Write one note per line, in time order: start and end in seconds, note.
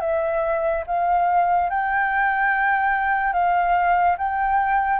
0.00 0.83 E5
0.86 1.70 F5
1.70 3.33 G5
3.33 4.16 F5
4.18 4.99 G5